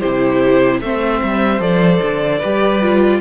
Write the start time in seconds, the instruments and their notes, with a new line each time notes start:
0.00 cello C3, viola E4, violin G4 C5
0.82 cello A3, viola C4, violin C5 E5
1.24 cello G3
1.60 cello F3, viola A4, violin D5
2.02 cello D3
2.39 cello G3, viola G4, violin B4
2.82 viola F4